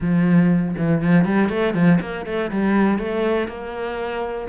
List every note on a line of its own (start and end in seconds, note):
0.00 0.75 F3
0.77 1.02 E3
1.02 1.25 F3
1.25 1.49 G3
1.49 1.74 A3
1.74 1.99 F3
2.00 2.25 A#3
2.25 2.50 A3
2.50 2.98 G3
2.98 3.48 A3
3.48 4.48 A#3